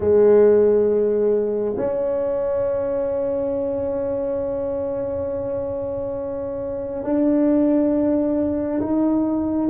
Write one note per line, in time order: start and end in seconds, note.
0.00 1.75 G#3
1.76 7.03 C#4
7.03 8.80 D4
8.80 9.68 D#4